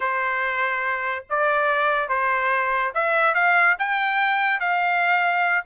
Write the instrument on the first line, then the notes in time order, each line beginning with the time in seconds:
trumpet
0.00 C5
1.29 D5
2.08 C5
2.94 E5
3.34 F5
3.78 G5
4.60 F5